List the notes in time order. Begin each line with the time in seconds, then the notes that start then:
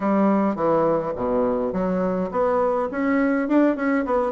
0.00 G3
0.55 E3
1.16 B2
1.72 F#3
2.31 B3
2.91 C#4
3.48 D4
3.76 C#4
4.05 B3